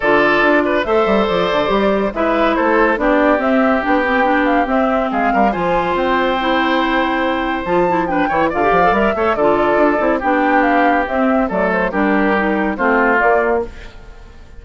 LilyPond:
<<
  \new Staff \with { instrumentName = "flute" } { \time 4/4 \tempo 4 = 141 d''2 e''4 d''4~ | d''4 e''4 c''4 d''4 | e''4 g''4. f''8 e''4 | f''4 gis''4 g''2~ |
g''2 a''4 g''4 | f''4 e''4 d''2 | g''4 f''4 e''4 d''8 c''8 | ais'2 c''4 d''4 | }
  \new Staff \with { instrumentName = "oboe" } { \time 4/4 a'4. b'8 c''2~ | c''4 b'4 a'4 g'4~ | g'1 | gis'8 ais'8 c''2.~ |
c''2. b'8 cis''8 | d''4. cis''8 a'2 | g'2. a'4 | g'2 f'2 | }
  \new Staff \with { instrumentName = "clarinet" } { \time 4/4 f'2 a'2 | g'4 e'2 d'4 | c'4 d'8 c'8 d'4 c'4~ | c'4 f'2 e'4~ |
e'2 f'8 e'8 d'8 e'8 | f'16 g'8 a'16 ais'8 a'8 f'4. e'8 | d'2 c'4 a4 | d'4 dis'4 c'4 ais4 | }
  \new Staff \with { instrumentName = "bassoon" } { \time 4/4 d4 d'4 a8 g8 f8 d8 | g4 gis4 a4 b4 | c'4 b2 c'4 | gis8 g8 f4 c'2~ |
c'2 f4. e8 | d8 f8 g8 a8 d4 d'8 c'8 | b2 c'4 fis4 | g2 a4 ais4 | }
>>